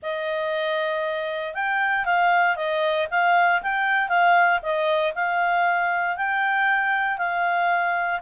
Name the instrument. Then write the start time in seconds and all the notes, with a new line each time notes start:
clarinet
0.02 D#5
1.54 G5
2.05 F5
2.56 D#5
3.10 F5
3.62 G5
4.08 F5
4.62 D#5
5.14 F5
6.16 G5
7.18 F5